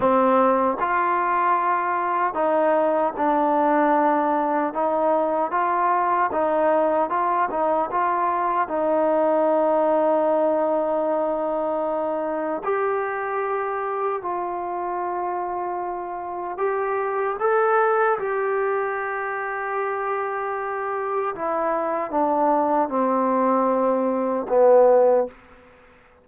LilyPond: \new Staff \with { instrumentName = "trombone" } { \time 4/4 \tempo 4 = 76 c'4 f'2 dis'4 | d'2 dis'4 f'4 | dis'4 f'8 dis'8 f'4 dis'4~ | dis'1 |
g'2 f'2~ | f'4 g'4 a'4 g'4~ | g'2. e'4 | d'4 c'2 b4 | }